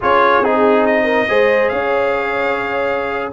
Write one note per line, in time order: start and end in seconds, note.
0.00 0.42 C#4
0.00 0.43 F4
0.00 1.03 G#4
0.00 0.44 C#5
0.42 1.27 C4
0.42 1.28 D#4
0.42 0.86 G#4
0.86 1.68 D#5
1.03 1.25 A#4
1.28 1.72 G#3
1.28 3.32 G#4
1.28 1.71 C5
1.68 3.32 C#4
1.68 3.32 C#5
1.68 3.29 F5